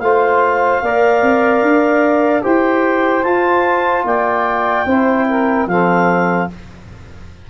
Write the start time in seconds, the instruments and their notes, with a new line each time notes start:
0.00 tuba A3, trombone F4, saxophone C5, clarinet F5
0.82 tuba A#3, trombone A#4, saxophone D5
1.22 tuba C4
1.62 tuba D4
2.42 tuba E4, trombone G4, saxophone C5, clarinet G5
3.23 trombone F4, tuba F4, clarinet A5
4.05 tuba A#3, saxophone D5, clarinet G5
4.86 tuba C4, trombone E4, saxophone C5
5.29 saxophone A#4
5.67 tuba F3, trombone C4, saxophone A4, clarinet F5